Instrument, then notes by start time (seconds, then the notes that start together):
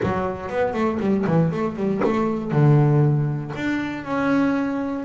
double bass
0.03 F#3
0.49 B3
0.73 A3
0.99 G3
1.26 E3
1.51 A3
1.76 G3
2.04 A3
2.51 D3
3.55 D4
4.04 C#4